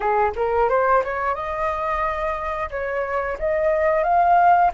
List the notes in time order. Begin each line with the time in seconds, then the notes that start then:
0.00 G#4
0.35 A#4
0.69 C5
1.04 C#5
1.35 D#5
2.70 C#5
3.39 D#5
4.03 F5